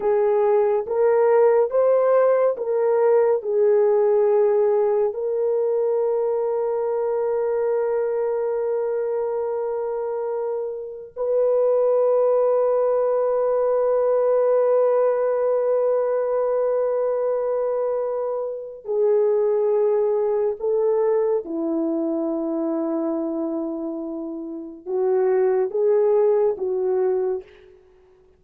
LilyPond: \new Staff \with { instrumentName = "horn" } { \time 4/4 \tempo 4 = 70 gis'4 ais'4 c''4 ais'4 | gis'2 ais'2~ | ais'1~ | ais'4 b'2.~ |
b'1~ | b'2 gis'2 | a'4 e'2.~ | e'4 fis'4 gis'4 fis'4 | }